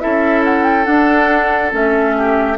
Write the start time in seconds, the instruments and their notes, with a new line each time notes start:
0.00 bassoon C#4, clarinet E4, oboe A4, flute E5
0.44 flute F#5
0.64 flute G5
0.85 clarinet D4, bassoon D4, flute F#5
1.71 bassoon A3, clarinet C#4, flute E5
2.17 oboe G4